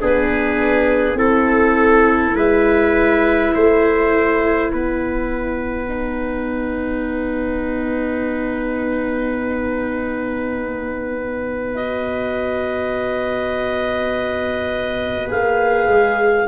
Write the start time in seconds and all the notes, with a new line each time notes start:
0.00 B3 D4 G#4 B4
1.14 C4 E4 A4
2.34 G#3 B4 E5
3.54 A3 C5
4.71 B3 B4 F#5
5.88 D#4
11.75 F#4 D#5
15.28 A#3 G#4 F5
15.87 G#3